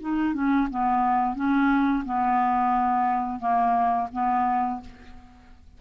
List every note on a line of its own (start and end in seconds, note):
0.00 0.34 D#4
0.34 0.68 C#4
0.70 1.35 B3
1.35 2.04 C#4
2.05 3.39 B3
3.39 4.08 A#3
4.12 4.80 B3